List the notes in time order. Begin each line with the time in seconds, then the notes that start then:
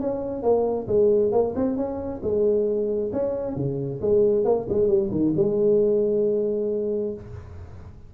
0.00 C#4
0.42 A#3
0.87 G#3
1.32 A#3
1.55 C4
1.76 C#4
2.22 G#3
3.13 C#4
3.56 C#3
4.01 G#3
4.45 A#3
4.69 G#3
4.88 G3
5.11 D#3
5.36 G#3